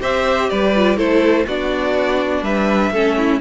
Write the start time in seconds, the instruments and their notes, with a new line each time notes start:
0.00 cello C4, viola G4, violin C5 E5
0.49 cello G3, violin B4 D5
0.75 viola F4
0.96 cello A3, viola E4, violin A4 C5
1.46 cello B3, viola D4, violin F#4 D5
2.42 cello G3, violin B4 E5
2.91 cello A3, viola C#4, violin A4
3.17 violin E4